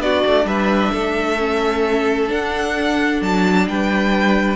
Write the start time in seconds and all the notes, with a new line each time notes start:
0.00 B3 D4 F#4 D5
0.27 A3
0.45 G3 B4 E5
0.92 A3 A4
1.39 C#4
2.28 D4 F#5
3.22 F#3 A5
3.68 G3 B4 G5